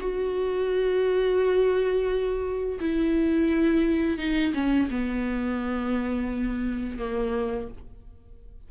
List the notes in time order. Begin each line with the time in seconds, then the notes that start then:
0.00 F#4
2.80 E4
4.18 D#4
4.54 C#4
4.91 B3
6.98 A#3